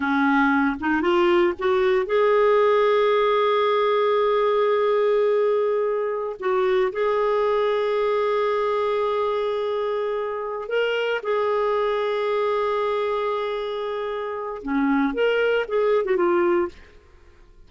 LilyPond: \new Staff \with { instrumentName = "clarinet" } { \time 4/4 \tempo 4 = 115 cis'4. dis'8 f'4 fis'4 | gis'1~ | gis'1~ | gis'16 fis'4 gis'2~ gis'8.~ |
gis'1~ | gis'8 ais'4 gis'2~ gis'8~ | gis'1 | cis'4 ais'4 gis'8. fis'16 f'4 | }